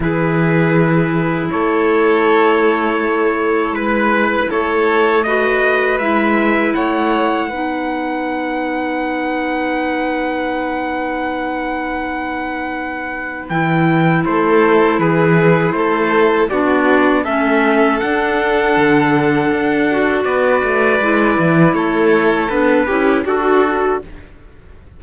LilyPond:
<<
  \new Staff \with { instrumentName = "trumpet" } { \time 4/4 \tempo 4 = 80 b'2 cis''2~ | cis''4 b'4 cis''4 dis''4 | e''4 fis''2.~ | fis''1~ |
fis''2 g''4 c''4 | b'4 c''4 d''4 e''4 | fis''2. d''4~ | d''4 cis''4 b'4 a'4 | }
  \new Staff \with { instrumentName = "violin" } { \time 4/4 gis'2 a'2~ | a'4 b'4 a'4 b'4~ | b'4 cis''4 b'2~ | b'1~ |
b'2. a'4 | gis'4 a'4 fis'4 a'4~ | a'2. b'4~ | b'4 a'4. g'8 fis'4 | }
  \new Staff \with { instrumentName = "clarinet" } { \time 4/4 e'1~ | e'2. fis'4 | e'2 dis'2~ | dis'1~ |
dis'2 e'2~ | e'2 d'4 cis'4 | d'2~ d'8 fis'4. | e'2 d'8 e'8 fis'4 | }
  \new Staff \with { instrumentName = "cello" } { \time 4/4 e2 a2~ | a4 gis4 a2 | gis4 a4 b2~ | b1~ |
b2 e4 a4 | e4 a4 b4 a4 | d'4 d4 d'4 b8 a8 | gis8 e8 a4 b8 cis'8 d'4 | }
>>